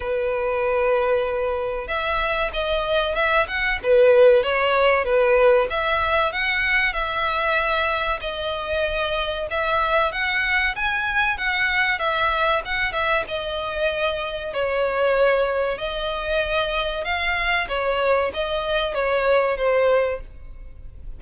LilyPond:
\new Staff \with { instrumentName = "violin" } { \time 4/4 \tempo 4 = 95 b'2. e''4 | dis''4 e''8 fis''8 b'4 cis''4 | b'4 e''4 fis''4 e''4~ | e''4 dis''2 e''4 |
fis''4 gis''4 fis''4 e''4 | fis''8 e''8 dis''2 cis''4~ | cis''4 dis''2 f''4 | cis''4 dis''4 cis''4 c''4 | }